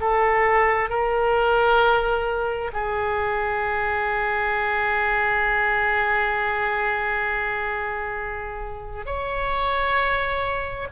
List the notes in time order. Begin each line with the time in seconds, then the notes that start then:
0.00 A4
0.89 A#4
2.73 G#4
9.05 C#5